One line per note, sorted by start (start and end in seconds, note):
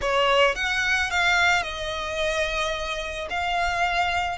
0.01 0.55 C#5
0.55 1.10 F#5
1.10 1.62 F5
1.62 3.28 D#5
3.30 4.38 F5